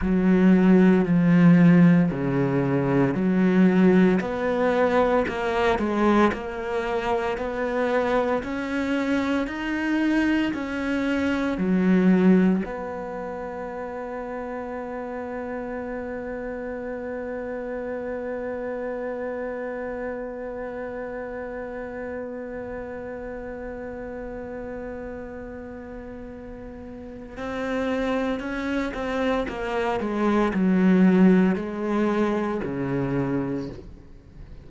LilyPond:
\new Staff \with { instrumentName = "cello" } { \time 4/4 \tempo 4 = 57 fis4 f4 cis4 fis4 | b4 ais8 gis8 ais4 b4 | cis'4 dis'4 cis'4 fis4 | b1~ |
b1~ | b1~ | b2 c'4 cis'8 c'8 | ais8 gis8 fis4 gis4 cis4 | }